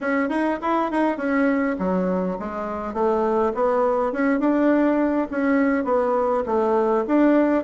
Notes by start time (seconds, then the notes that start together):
0.00 C#4
0.29 D#4
0.61 E4
0.91 D#4
1.17 C#4
1.78 F#3
2.39 G#3
2.93 A3
3.54 B3
4.12 C#4
4.39 D4
5.30 C#4
5.84 B3
6.46 A3
7.07 D4